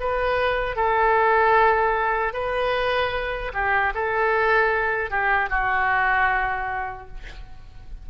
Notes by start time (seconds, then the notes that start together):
0.00 B4
0.76 A4
2.33 B4
3.53 G4
3.94 A4
5.11 G4
5.50 F#4